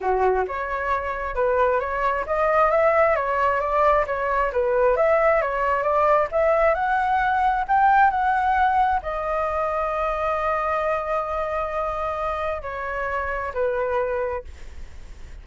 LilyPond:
\new Staff \with { instrumentName = "flute" } { \time 4/4 \tempo 4 = 133 fis'4 cis''2 b'4 | cis''4 dis''4 e''4 cis''4 | d''4 cis''4 b'4 e''4 | cis''4 d''4 e''4 fis''4~ |
fis''4 g''4 fis''2 | dis''1~ | dis''1 | cis''2 b'2 | }